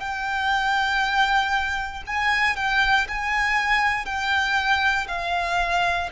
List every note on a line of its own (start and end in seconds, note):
0.00 2.03 G5
2.07 2.57 G#5
2.57 3.07 G5
3.08 4.05 G#5
4.05 5.07 G5
5.08 6.10 F5